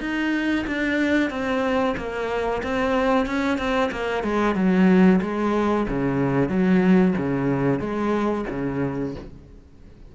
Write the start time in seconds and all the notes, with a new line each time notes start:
0.00 D#4
0.67 D4
1.30 C4
1.97 A#3
2.63 C4
3.26 C#4
3.58 C4
3.91 A#3
4.23 G#3
4.55 F#3
5.21 G#3
5.88 C#3
6.49 F#3
7.17 C#3
7.80 G#3
8.50 C#3